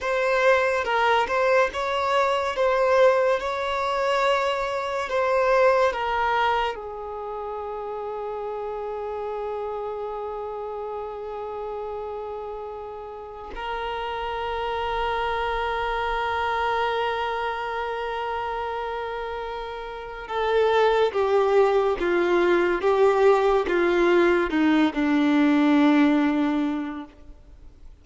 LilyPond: \new Staff \with { instrumentName = "violin" } { \time 4/4 \tempo 4 = 71 c''4 ais'8 c''8 cis''4 c''4 | cis''2 c''4 ais'4 | gis'1~ | gis'1 |
ais'1~ | ais'1 | a'4 g'4 f'4 g'4 | f'4 dis'8 d'2~ d'8 | }